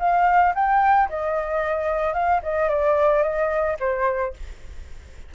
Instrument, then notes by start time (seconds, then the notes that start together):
flute
0.00 F5
0.55 G5
1.09 D#5
2.14 F5
2.43 D#5
2.69 D5
3.23 D#5
3.80 C5